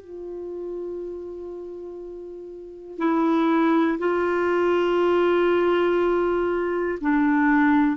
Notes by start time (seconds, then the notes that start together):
0.00 F4
2.98 E4
3.98 F4
7.00 D4